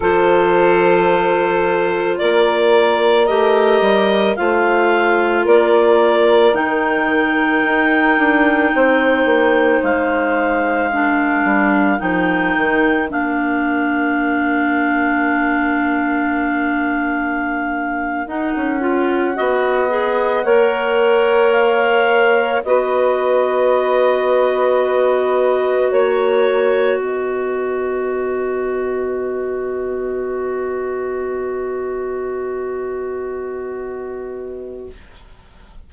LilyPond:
<<
  \new Staff \with { instrumentName = "clarinet" } { \time 4/4 \tempo 4 = 55 c''2 d''4 dis''4 | f''4 d''4 g''2~ | g''4 f''2 g''4 | f''1~ |
f''8. fis''2. f''16~ | f''8. dis''2. cis''16~ | cis''8. dis''2.~ dis''16~ | dis''1 | }
  \new Staff \with { instrumentName = "saxophone" } { \time 4/4 a'2 ais'2 | c''4 ais'2. | c''2 ais'2~ | ais'1~ |
ais'4.~ ais'16 dis''4 cis''4~ cis''16~ | cis''8. b'2. cis''16~ | cis''8. b'2.~ b'16~ | b'1 | }
  \new Staff \with { instrumentName = "clarinet" } { \time 4/4 f'2. g'4 | f'2 dis'2~ | dis'2 d'4 dis'4 | d'1~ |
d'8. dis'8 f'8 fis'8 gis'8 ais'4~ ais'16~ | ais'8. fis'2.~ fis'16~ | fis'1~ | fis'1 | }
  \new Staff \with { instrumentName = "bassoon" } { \time 4/4 f2 ais4 a8 g8 | a4 ais4 dis4 dis'8 d'8 | c'8 ais8 gis4. g8 f8 dis8 | ais1~ |
ais8. dis'16 cis'8. b4 ais4~ ais16~ | ais8. b2. ais16~ | ais8. b2.~ b16~ | b1 | }
>>